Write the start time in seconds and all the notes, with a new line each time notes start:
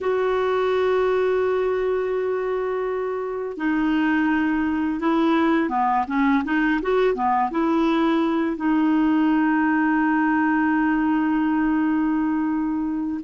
0.00 F#4
3.57 D#4
5.00 E4
5.69 B3
6.07 C#4
6.44 D#4
6.81 F#4
7.14 B3
7.50 E4
8.56 D#4